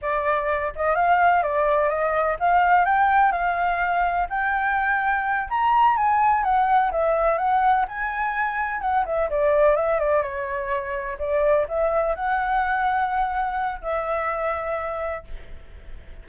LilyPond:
\new Staff \with { instrumentName = "flute" } { \time 4/4 \tempo 4 = 126 d''4. dis''8 f''4 d''4 | dis''4 f''4 g''4 f''4~ | f''4 g''2~ g''8 ais''8~ | ais''8 gis''4 fis''4 e''4 fis''8~ |
fis''8 gis''2 fis''8 e''8 d''8~ | d''8 e''8 d''8 cis''2 d''8~ | d''8 e''4 fis''2~ fis''8~ | fis''4 e''2. | }